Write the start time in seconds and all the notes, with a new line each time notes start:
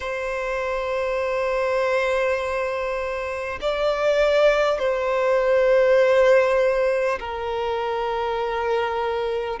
0.00 C5
3.61 D5
4.78 C5
7.19 A#4